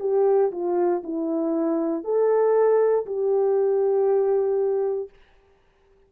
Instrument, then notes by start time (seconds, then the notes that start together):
horn
0.00 G4
0.51 F4
1.04 E4
2.04 A4
3.06 G4